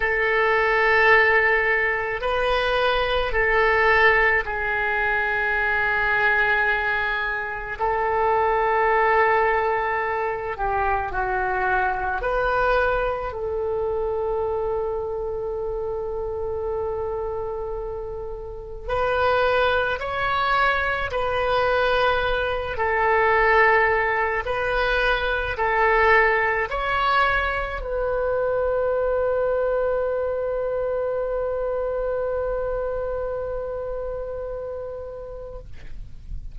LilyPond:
\new Staff \with { instrumentName = "oboe" } { \time 4/4 \tempo 4 = 54 a'2 b'4 a'4 | gis'2. a'4~ | a'4. g'8 fis'4 b'4 | a'1~ |
a'4 b'4 cis''4 b'4~ | b'8 a'4. b'4 a'4 | cis''4 b'2.~ | b'1 | }